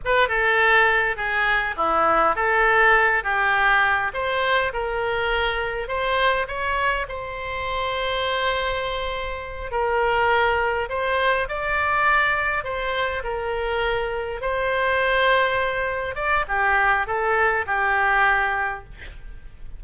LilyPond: \new Staff \with { instrumentName = "oboe" } { \time 4/4 \tempo 4 = 102 b'8 a'4. gis'4 e'4 | a'4. g'4. c''4 | ais'2 c''4 cis''4 | c''1~ |
c''8 ais'2 c''4 d''8~ | d''4. c''4 ais'4.~ | ais'8 c''2. d''8 | g'4 a'4 g'2 | }